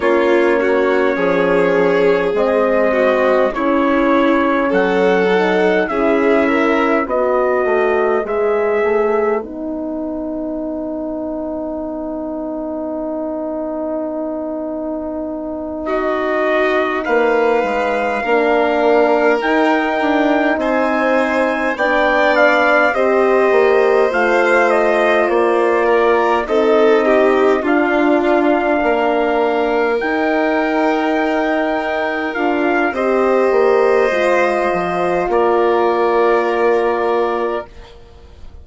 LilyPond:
<<
  \new Staff \with { instrumentName = "trumpet" } { \time 4/4 \tempo 4 = 51 cis''2 dis''4 cis''4 | fis''4 e''4 dis''4 e''4 | fis''1~ | fis''4. dis''4 f''4.~ |
f''8 g''4 gis''4 g''8 f''8 dis''8~ | dis''8 f''8 dis''8 d''4 dis''4 f''8~ | f''4. g''2 f''8 | dis''2 d''2 | }
  \new Staff \with { instrumentName = "violin" } { \time 4/4 f'8 fis'8 gis'4. fis'8 e'4 | a'4 gis'8 ais'8 b'2~ | b'1~ | b'4. fis'4 b'4 ais'8~ |
ais'4. c''4 d''4 c''8~ | c''2 ais'8 a'8 g'8 f'8~ | f'8 ais'2.~ ais'8 | c''2 ais'2 | }
  \new Staff \with { instrumentName = "horn" } { \time 4/4 cis'2 c'4 cis'4~ | cis'8 dis'8 e'4 fis'4 gis'4 | dis'1~ | dis'2.~ dis'8 d'8~ |
d'8 dis'2 d'4 g'8~ | g'8 f'2 dis'4 d'8~ | d'4. dis'2 f'8 | g'4 f'2. | }
  \new Staff \with { instrumentName = "bassoon" } { \time 4/4 ais4 f4 gis4 cis4 | fis4 cis'4 b8 a8 gis8 a8 | b1~ | b2~ b8 ais8 gis8 ais8~ |
ais8 dis'8 d'8 c'4 b4 c'8 | ais8 a4 ais4 c'4 d'8~ | d'8 ais4 dis'2 d'8 | c'8 ais8 gis8 f8 ais2 | }
>>